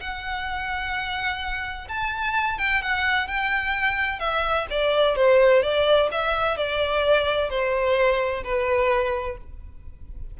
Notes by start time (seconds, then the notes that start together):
0.00 F#5
1.88 A5
2.58 G5
2.81 F#5
3.27 G5
4.19 E5
4.70 D5
5.15 C5
5.62 D5
6.11 E5
6.57 D5
7.50 C5
8.43 B4